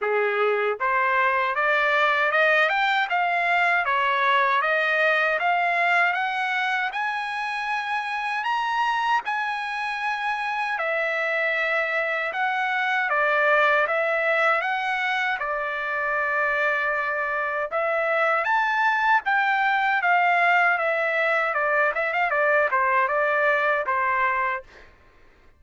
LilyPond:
\new Staff \with { instrumentName = "trumpet" } { \time 4/4 \tempo 4 = 78 gis'4 c''4 d''4 dis''8 g''8 | f''4 cis''4 dis''4 f''4 | fis''4 gis''2 ais''4 | gis''2 e''2 |
fis''4 d''4 e''4 fis''4 | d''2. e''4 | a''4 g''4 f''4 e''4 | d''8 e''16 f''16 d''8 c''8 d''4 c''4 | }